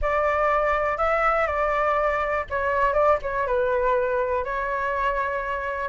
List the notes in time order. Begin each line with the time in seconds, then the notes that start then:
0.01 D5
0.97 E5
1.46 D5
2.49 C#5
2.93 D5
3.22 C#5
3.46 B4
4.44 C#5